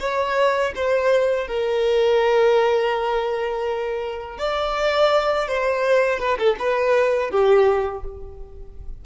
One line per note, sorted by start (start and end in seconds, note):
0.00 0.73 C#5
0.75 1.47 C5
1.47 4.38 A#4
4.38 5.48 D5
5.48 6.20 C5
6.20 6.38 B4
6.38 6.57 A4
6.59 7.31 B4
7.31 8.04 G4